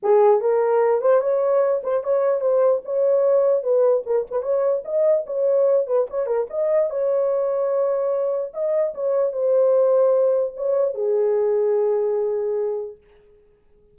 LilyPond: \new Staff \with { instrumentName = "horn" } { \time 4/4 \tempo 4 = 148 gis'4 ais'4. c''8 cis''4~ | cis''8 c''8 cis''4 c''4 cis''4~ | cis''4 b'4 ais'8 b'8 cis''4 | dis''4 cis''4. b'8 cis''8 ais'8 |
dis''4 cis''2.~ | cis''4 dis''4 cis''4 c''4~ | c''2 cis''4 gis'4~ | gis'1 | }